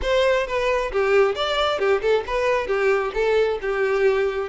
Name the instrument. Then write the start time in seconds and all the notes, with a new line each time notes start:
violin
0.02 C5
0.47 B4
0.92 G4
1.35 D5
1.78 G4
2.01 A4
2.27 B4
2.67 G4
3.14 A4
3.61 G4